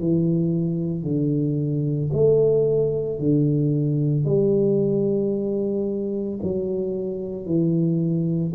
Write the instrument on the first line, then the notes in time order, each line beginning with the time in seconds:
tuba
0.00 E3
1.03 D3
2.13 A3
3.19 D3
4.25 G3
6.43 F#3
7.46 E3